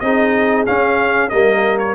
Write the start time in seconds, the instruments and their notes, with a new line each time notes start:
0.00 tuba C4, trombone D#4, horn G#4, trumpet D#5
0.67 trombone C#4, tuba C#4, trumpet F5
1.30 tuba G3, trombone A#3, horn A#4, trumpet D#5
1.79 trumpet C#5